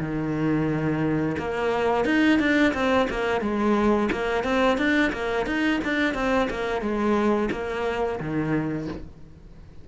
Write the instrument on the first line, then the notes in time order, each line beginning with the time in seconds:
cello
0.00 D#3
1.39 A#3
2.05 D#4
2.40 D4
2.74 C4
3.10 A#3
3.42 G#3
4.12 A#3
4.44 C4
4.78 D4
5.13 A#3
5.47 D#4
5.85 D4
6.15 C4
6.51 A#3
6.82 G#3
7.52 A#3
8.20 D#3